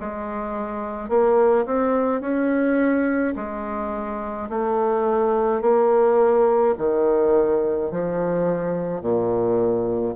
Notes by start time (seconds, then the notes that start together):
0.00 G#3
1.09 A#3
1.66 C4
2.21 C#4
3.36 G#3
4.50 A3
5.61 A#3
6.78 D#3
7.91 F3
9.02 A#2